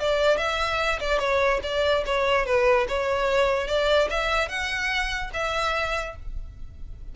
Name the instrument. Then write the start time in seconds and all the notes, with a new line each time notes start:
violin
0.00 D5
0.38 E5
1.00 D5
1.19 C#5
1.63 D5
2.06 C#5
2.46 B4
2.88 C#5
3.68 D5
4.10 E5
4.49 F#5
5.34 E5